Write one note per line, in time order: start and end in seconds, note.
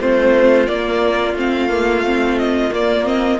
0.00 0.68 A3
0.00 0.66 C4
0.00 3.40 F4
0.00 0.67 C5
0.66 1.35 A#3
0.66 1.34 A#3
0.66 1.35 D5
1.34 2.71 A3
1.34 1.69 C4
1.34 2.38 F5
1.69 2.03 A#3
2.05 2.71 C4
2.38 2.72 D#5
2.71 3.04 A#3
2.71 3.40 A#3
2.71 3.07 D5
3.04 3.38 C4
3.04 3.40 D#5